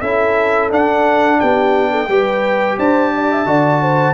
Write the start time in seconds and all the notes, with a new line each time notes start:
0.00 C#4 E4 A4 E5
0.70 D4 F#5
1.39 B3 G4 G5
1.91 A4
2.07 G3 G4 B4
2.77 D4 C5 A5
3.15 D5
3.31 E5
3.45 D3 F#4 D5
3.82 C5